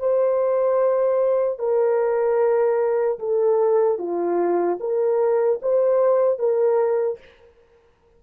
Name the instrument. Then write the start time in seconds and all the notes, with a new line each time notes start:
horn
0.00 C5
1.59 A#4
3.20 A4
3.99 F4
4.80 A#4
5.63 C5
6.39 A#4